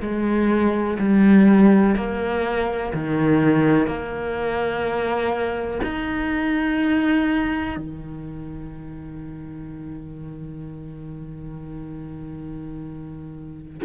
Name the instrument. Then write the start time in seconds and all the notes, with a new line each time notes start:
cello
0.00 G#3
0.99 G3
1.96 A#3
2.93 D#3
3.87 A#3
5.83 D#4
7.76 D#3